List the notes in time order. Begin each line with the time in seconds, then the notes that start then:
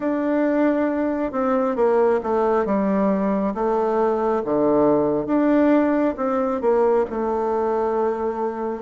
0.00 D4
1.32 C4
1.76 A#3
2.23 A3
2.65 G3
3.54 A3
4.44 D3
5.26 D4
6.16 C4
6.61 A#3
7.09 A3